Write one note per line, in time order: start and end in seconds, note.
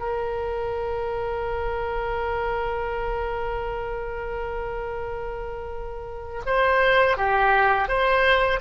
0.00 6.43 A#4
6.46 7.18 C5
7.18 7.89 G4
7.89 8.60 C5